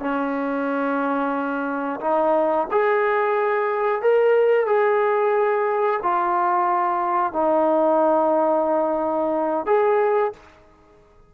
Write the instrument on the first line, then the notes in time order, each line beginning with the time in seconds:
trombone
0.00 C#4
2.00 D#4
2.71 G#4
4.02 A#4
4.66 G#4
6.03 F4
7.33 D#4
9.66 G#4